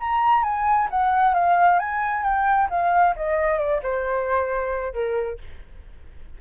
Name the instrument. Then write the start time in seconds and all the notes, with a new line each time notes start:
flute
0.00 A#5
0.43 G#5
0.90 F#5
1.34 F5
1.79 G#5
2.23 G5
2.70 F5
3.16 D#5
3.59 D5
3.83 C5
4.93 A#4